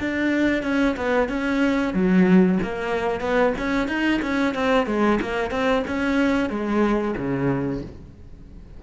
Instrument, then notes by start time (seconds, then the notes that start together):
cello
0.00 D4
0.63 C#4
0.97 B3
1.29 C#4
1.94 F#3
2.63 A#3
3.20 B3
3.58 C#4
3.88 D#4
4.22 C#4
4.54 C4
4.86 G#3
5.21 A#3
5.51 C4
5.87 C#4
6.50 G#3
7.17 C#3